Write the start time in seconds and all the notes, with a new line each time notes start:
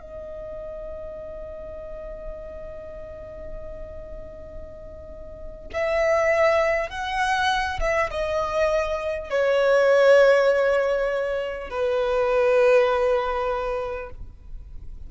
0.00 D#5
5.73 E5
6.89 F#5
7.79 E5
8.10 D#5
9.30 C#5
11.69 B4